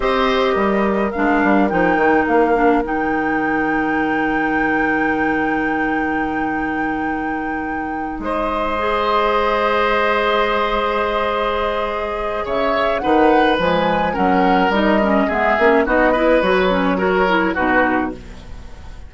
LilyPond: <<
  \new Staff \with { instrumentName = "flute" } { \time 4/4 \tempo 4 = 106 dis''2 f''4 g''4 | f''4 g''2.~ | g''1~ | g''2~ g''8 dis''4.~ |
dis''1~ | dis''2 e''4 fis''4 | gis''4 fis''4 dis''4 e''4 | dis''4 cis''2 b'4 | }
  \new Staff \with { instrumentName = "oboe" } { \time 4/4 c''4 ais'2.~ | ais'1~ | ais'1~ | ais'2~ ais'8 c''4.~ |
c''1~ | c''2 cis''4 b'4~ | b'4 ais'2 gis'4 | fis'8 b'4. ais'4 fis'4 | }
  \new Staff \with { instrumentName = "clarinet" } { \time 4/4 g'2 d'4 dis'4~ | dis'8 d'8 dis'2.~ | dis'1~ | dis'2.~ dis'8 gis'8~ |
gis'1~ | gis'2. dis'4 | gis4 cis'4 dis'8 cis'8 b8 cis'8 | dis'8 e'8 fis'8 cis'8 fis'8 e'8 dis'4 | }
  \new Staff \with { instrumentName = "bassoon" } { \time 4/4 c'4 g4 gis8 g8 f8 dis8 | ais4 dis2.~ | dis1~ | dis2~ dis8 gis4.~ |
gis1~ | gis2 cis4 dis4 | f4 fis4 g4 gis8 ais8 | b4 fis2 b,4 | }
>>